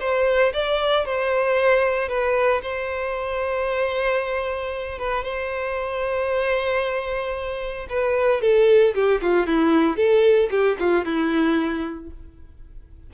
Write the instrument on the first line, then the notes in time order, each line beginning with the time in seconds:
violin
0.00 C5
0.54 D5
1.06 C5
2.09 B4
2.62 C5
4.99 B4
5.24 C5
7.89 B4
8.41 A4
8.94 G4
9.22 F4
9.46 E4
9.97 A4
10.50 G4
10.79 F4
11.05 E4